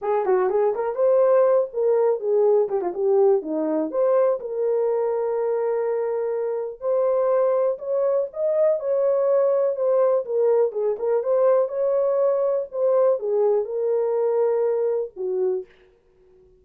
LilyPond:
\new Staff \with { instrumentName = "horn" } { \time 4/4 \tempo 4 = 123 gis'8 fis'8 gis'8 ais'8 c''4. ais'8~ | ais'8 gis'4 g'16 f'16 g'4 dis'4 | c''4 ais'2.~ | ais'2 c''2 |
cis''4 dis''4 cis''2 | c''4 ais'4 gis'8 ais'8 c''4 | cis''2 c''4 gis'4 | ais'2. fis'4 | }